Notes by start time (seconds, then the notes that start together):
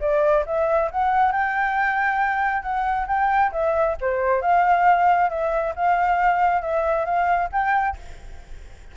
0.00 D5
0.46 E5
0.91 F#5
1.32 G5
2.62 F#5
3.07 G5
3.52 E5
4.01 C5
4.41 F5
5.29 E5
5.75 F5
6.62 E5
7.05 F5
7.52 G5